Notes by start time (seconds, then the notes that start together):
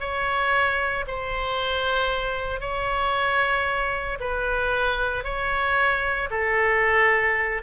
0.00 C#5
1.07 C5
2.60 C#5
4.20 B4
5.24 C#5
6.30 A4